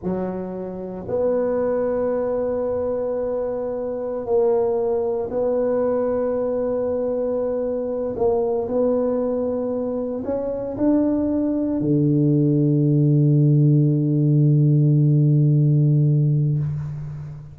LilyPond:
\new Staff \with { instrumentName = "tuba" } { \time 4/4 \tempo 4 = 116 fis2 b2~ | b1~ | b16 ais2 b4.~ b16~ | b2.~ b8. ais16~ |
ais8. b2. cis'16~ | cis'8. d'2 d4~ d16~ | d1~ | d1 | }